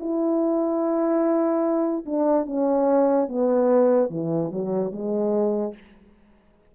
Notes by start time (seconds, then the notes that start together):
0.00 E4
2.05 D4
2.46 C#4
3.28 B3
4.10 E3
4.51 F#3
4.92 G#3